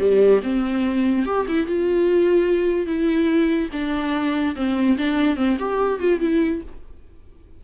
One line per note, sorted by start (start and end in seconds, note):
0.00 0.41 G3
0.43 1.26 C4
1.26 1.47 G4
1.49 1.67 E4
1.67 2.87 F4
2.87 3.69 E4
3.73 4.56 D4
4.56 4.97 C4
4.98 5.37 D4
5.37 5.57 C4
5.60 6.00 G4
6.00 6.21 F4
6.21 6.62 E4